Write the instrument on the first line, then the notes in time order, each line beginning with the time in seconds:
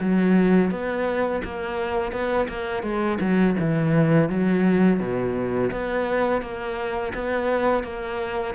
cello
0.00 F#3
0.70 B3
1.44 A#3
2.12 B3
2.48 A#3
2.82 G#3
3.20 F#3
3.59 E3
4.29 F#3
4.99 B2
5.71 B3
6.41 A#3
7.14 B3
7.83 A#3